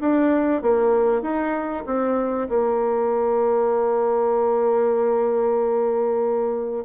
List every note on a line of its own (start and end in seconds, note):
0.00 0.62 D4
0.62 1.21 A#3
1.21 1.84 D#4
1.86 2.48 C4
2.49 6.84 A#3